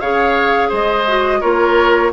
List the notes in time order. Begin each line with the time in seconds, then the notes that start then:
0.00 C#3 G#4 C#5 F5
0.69 G#3 C5 D#5
1.08 F#4
1.41 A#3 F4 A#4 C#5